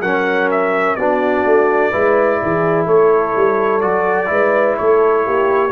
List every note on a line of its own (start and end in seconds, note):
0.00 0.95 F#3
0.00 0.98 C#4
0.00 0.97 A#4
0.00 0.49 F#5
0.50 0.95 E5
0.95 1.44 B3
0.95 1.91 D4
0.95 1.91 F#4
0.95 2.86 D5
1.45 1.92 A3
1.91 2.41 G#3
1.91 3.81 E4
1.91 2.38 B4
2.41 2.86 E3
2.41 2.86 G#4
2.86 3.34 A3
2.86 4.29 A4
2.86 3.81 C#5
3.36 3.83 G3
3.81 4.30 F#3
3.81 4.26 F#4
3.81 4.76 D5
4.26 4.77 G#3
4.26 5.69 E4
4.26 4.78 B4
4.77 5.27 A3
4.77 5.25 A4
4.77 5.72 C#5
5.25 5.72 A#3
5.25 5.72 G4